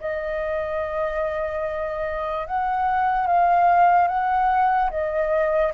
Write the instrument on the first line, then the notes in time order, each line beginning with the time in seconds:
flute
0.00 D#5
2.47 F#5
3.27 F5
4.08 F#5
4.91 D#5